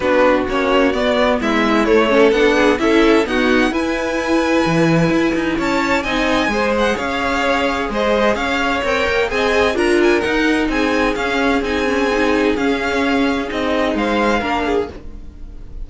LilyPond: <<
  \new Staff \with { instrumentName = "violin" } { \time 4/4 \tempo 4 = 129 b'4 cis''4 d''4 e''4 | cis''4 fis''4 e''4 fis''4 | gis''1 | a''4 gis''4. fis''8 f''4~ |
f''4 dis''4 f''4 g''4 | gis''4 ais''8 gis''8 fis''4 gis''4 | f''4 gis''2 f''4~ | f''4 dis''4 f''2 | }
  \new Staff \with { instrumentName = "violin" } { \time 4/4 fis'2. e'4~ | e'8 a'4 gis'8 a'4 fis'4 | b'1 | cis''4 dis''4 c''4 cis''4~ |
cis''4 c''4 cis''2 | dis''4 ais'2 gis'4~ | gis'1~ | gis'2 c''4 ais'8 gis'8 | }
  \new Staff \with { instrumentName = "viola" } { \time 4/4 d'4 cis'4 b2 | a8 cis'8 d'4 e'4 b4 | e'1~ | e'4 dis'4 gis'2~ |
gis'2. ais'4 | gis'4 f'4 dis'2 | cis'4 dis'8 cis'8 dis'4 cis'4~ | cis'4 dis'2 d'4 | }
  \new Staff \with { instrumentName = "cello" } { \time 4/4 b4 ais4 b4 gis4 | a4 b4 cis'4 dis'4 | e'2 e4 e'8 dis'8 | cis'4 c'4 gis4 cis'4~ |
cis'4 gis4 cis'4 c'8 ais8 | c'4 d'4 dis'4 c'4 | cis'4 c'2 cis'4~ | cis'4 c'4 gis4 ais4 | }
>>